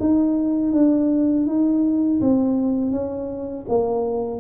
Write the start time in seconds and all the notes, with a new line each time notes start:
0.00 D#4
0.73 D4
1.47 D#4
2.21 C4
2.92 C#4
3.69 A#3